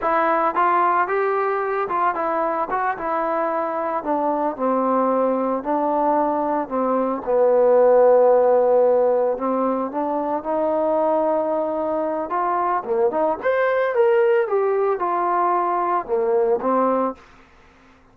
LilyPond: \new Staff \with { instrumentName = "trombone" } { \time 4/4 \tempo 4 = 112 e'4 f'4 g'4. f'8 | e'4 fis'8 e'2 d'8~ | d'8 c'2 d'4.~ | d'8 c'4 b2~ b8~ |
b4. c'4 d'4 dis'8~ | dis'2. f'4 | ais8 dis'8 c''4 ais'4 g'4 | f'2 ais4 c'4 | }